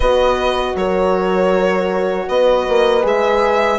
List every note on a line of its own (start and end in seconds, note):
0.00 0.73 B3
0.00 3.02 F#4
0.00 0.75 B4
0.00 0.76 D#5
0.75 2.27 F#3
0.75 2.28 A#4
0.75 2.28 C#5
2.28 2.66 B3
2.28 3.79 B4
2.28 3.04 D#5
2.68 3.04 A#3
3.02 3.79 G#3
3.02 3.78 G#4
3.02 3.79 E5